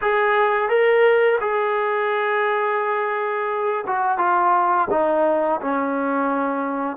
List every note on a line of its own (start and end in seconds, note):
0.01 0.69 G#4
0.69 1.39 A#4
1.40 3.85 G#4
3.87 4.18 F#4
4.18 4.87 F4
4.90 5.60 D#4
5.61 6.96 C#4